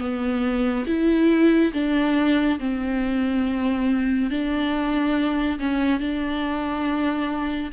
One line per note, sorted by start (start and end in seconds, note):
0.00 0.86 B3
0.86 1.72 E4
1.73 2.59 D4
2.59 4.30 C4
4.30 5.59 D4
5.59 6.00 C#4
6.00 7.71 D4